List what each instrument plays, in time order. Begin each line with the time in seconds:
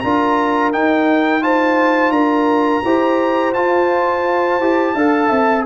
0.00 tuba D4, trombone F4, horn A#4, trumpet A#5
0.72 trombone D#4, tuba D#4, trumpet G5
1.41 trombone F4, horn C5, trumpet A5
2.10 tuba D4, horn A#4, trumpet A#5
2.83 tuba E4, trombone G4, horn C5
3.53 tuba F4, trombone F4, trumpet A5
4.59 tuba E4, trombone G4
4.94 tuba D4, trombone A4, horn F5
5.28 tuba C4, horn E5